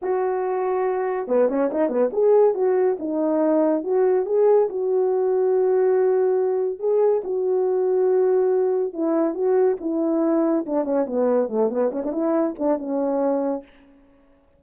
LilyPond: \new Staff \with { instrumentName = "horn" } { \time 4/4 \tempo 4 = 141 fis'2. b8 cis'8 | dis'8 b8 gis'4 fis'4 dis'4~ | dis'4 fis'4 gis'4 fis'4~ | fis'1 |
gis'4 fis'2.~ | fis'4 e'4 fis'4 e'4~ | e'4 d'8 cis'8 b4 a8 b8 | cis'16 d'16 e'4 d'8 cis'2 | }